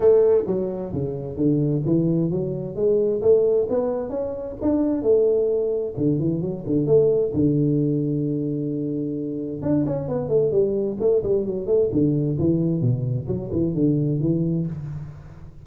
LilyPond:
\new Staff \with { instrumentName = "tuba" } { \time 4/4 \tempo 4 = 131 a4 fis4 cis4 d4 | e4 fis4 gis4 a4 | b4 cis'4 d'4 a4~ | a4 d8 e8 fis8 d8 a4 |
d1~ | d4 d'8 cis'8 b8 a8 g4 | a8 g8 fis8 a8 d4 e4 | b,4 fis8 e8 d4 e4 | }